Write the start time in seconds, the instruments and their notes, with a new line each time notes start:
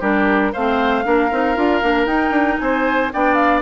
0.00 bassoon G3, clarinet D4, oboe G4, flute A#4
0.52 bassoon A3, clarinet C4, oboe C5, flute F5
1.04 bassoon A#3, clarinet D4, oboe A#4
1.31 bassoon C4, clarinet D#4
1.56 bassoon D4, clarinet F4
1.82 bassoon A#3, clarinet D4
2.06 bassoon D#4, clarinet D#4, flute G5
2.30 bassoon D4
2.59 bassoon C4, oboe C5, flute G#5
3.13 bassoon B3, clarinet D4, oboe D5, flute G5
3.34 flute F5